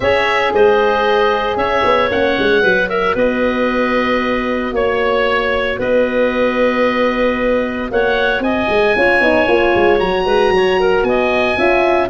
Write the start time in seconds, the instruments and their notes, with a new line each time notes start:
0.00 tuba C#4, horn G#4, clarinet C#5, oboe E5
0.52 tuba G#3, clarinet C5, oboe D#5
1.56 tuba C#4, clarinet C#5, oboe E5
1.84 tuba B3
2.10 tuba A#3, horn C#4, oboe F#5
2.38 tuba G#3
2.62 tuba F#3, horn F#4, clarinet B4
2.89 clarinet A#4, oboe E5
3.15 tuba B3, clarinet B4, oboe D#5
4.72 tuba A#3, oboe C#5, clarinet C#5
5.78 tuba B3, clarinet B4, oboe D#5
7.91 tuba A#3, clarinet C#5, oboe F#5
8.39 tuba C4, clarinet D#5, oboe G#5
8.68 tuba G#3
8.95 tuba C#4, horn F4, clarinet C#5
9.20 tuba B3, horn D#4
9.47 tuba A#3, horn F4
9.75 tuba G#3
9.99 tuba F#3, horn F#4, oboe A#5
10.25 tuba G#3, clarinet B4
10.50 tuba F#3, clarinet C#5
10.79 clarinet A#4
11.03 tuba B3, clarinet D#5, oboe G#5
11.57 tuba C#4, horn F4, clarinet E5